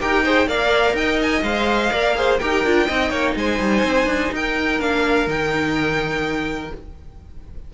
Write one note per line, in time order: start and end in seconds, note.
0.00 0.47 D#4
0.00 0.24 G4
0.00 0.24 A#4
0.00 0.48 G5
0.24 0.47 G#4
0.24 0.47 C5
0.47 0.93 A#3
0.47 1.43 A#4
0.47 0.95 D5
0.47 0.96 F5
0.93 1.41 D#4
0.93 1.92 D#5
0.93 1.20 G5
1.21 1.43 G#5
1.42 1.90 G#3
1.42 1.91 C5
1.42 2.38 F5
1.91 2.40 A#3
1.91 2.15 A#4
1.91 2.16 D5
2.15 2.39 G#4
2.15 2.40 C5
2.38 2.64 D#4
2.38 2.65 G4
2.38 2.87 A#4
2.38 3.34 G5
2.64 2.88 D4
2.64 2.88 F4
2.87 3.11 C4
2.87 4.79 D#4
2.87 3.10 D#5
3.10 3.35 A#3
3.10 3.34 C#5
3.35 3.59 G#3
3.35 4.33 C5
3.35 4.33 G#5
3.59 3.83 G3
3.84 4.06 C4
4.06 4.30 D4
4.32 4.79 D#4
4.32 6.74 A#4
4.32 4.80 G5
4.79 5.26 A#3
4.79 5.27 D4
4.79 5.28 F5
5.26 6.70 D#3
5.26 6.71 D#4
5.26 6.73 G5